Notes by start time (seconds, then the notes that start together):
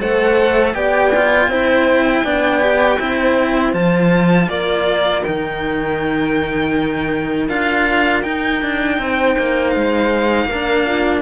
0.00 A3 A4 C5 F#5
0.74 B3 G4 D5 G5
1.16 F4
1.48 C4 E4 C5
2.24 B3 D4 D5
2.61 G4
2.99 C4 E4 C5
3.73 F3 F4 A5
4.48 A#3 A#4 D5
5.24 D#3 D#4 G5
7.49 D4 F4 F5
8.22 D#4 G5
8.62 D4
8.98 C4 C5
9.38 A#3
9.70 G#3 F5
10.45 A#3 A#4
10.52 D4
10.86 F4